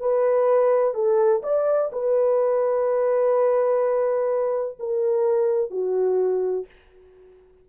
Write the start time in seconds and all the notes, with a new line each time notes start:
0.00 B4
0.94 A4
1.43 D5
1.92 B4
4.79 A#4
5.71 F#4